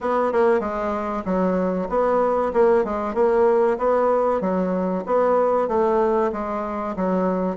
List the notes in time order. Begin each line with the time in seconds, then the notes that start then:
0.00 B3
0.32 A#3
0.59 G#3
1.25 F#3
1.89 B3
2.53 A#3
2.84 G#3
3.14 A#3
3.78 B3
4.40 F#3
5.06 B3
5.68 A3
6.32 G#3
6.96 F#3